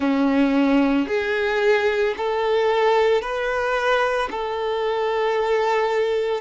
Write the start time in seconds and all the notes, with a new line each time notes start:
0.00 C#4
1.07 G#4
2.17 A4
3.21 B4
4.31 A4